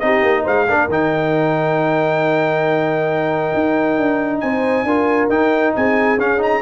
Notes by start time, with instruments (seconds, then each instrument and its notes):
0.00 tuba C4, trombone D#4, horn G4, trumpet D#5
0.23 tuba A#3
0.43 tuba G#3, horn C5, trumpet F5
0.68 tuba A#3, trombone D4, horn A#4
0.88 tuba D#3, trombone D#4, trumpet G5
3.54 tuba D#4
3.98 tuba D4
4.40 tuba C4, horn C5, trumpet G#5
4.84 tuba D4, trombone F4, horn A#4
5.29 tuba D#4, trombone D#4, trumpet G5
5.76 tuba C4, horn G#4, trumpet G#5
6.18 tuba C#4, trombone C#4, trumpet F5
6.38 trombone D#4, trumpet A#5